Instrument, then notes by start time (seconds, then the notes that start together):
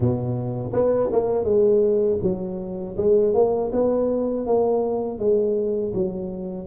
tuba
0.00 B2
0.72 B3
1.11 A#3
1.44 G#3
2.22 F#3
2.97 G#3
3.34 A#3
3.72 B3
4.46 A#3
5.18 G#3
5.94 F#3